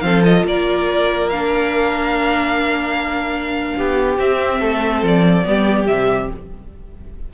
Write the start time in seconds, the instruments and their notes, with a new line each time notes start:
0.00 cello F3, viola C4, violin A4 F5
0.24 viola F4, violin D#5
0.43 cello A#3, violin A#4 D5
1.28 viola D4, violin F5
3.76 cello B3, violin G4
4.18 cello C4, viola C4, violin E5
4.59 cello A3, violin A4
5.02 cello F3, violin D5
5.44 cello G3, viola B3, violin G4
5.87 cello C3, viola G3, violin E5